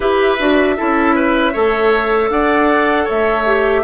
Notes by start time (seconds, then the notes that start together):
0.00 E4 G4 B4 E5
0.39 D4 F#4
0.76 C#4 E4 A4
1.15 B4
1.52 A3 A4 C#5
2.29 D4 D5 F#5
3.04 A3 C#5 E5
3.46 G4